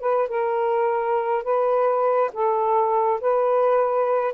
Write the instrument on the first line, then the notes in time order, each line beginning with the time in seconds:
saxophone
0.00 B4
0.29 A#4
1.44 B4
2.34 A4
3.21 B4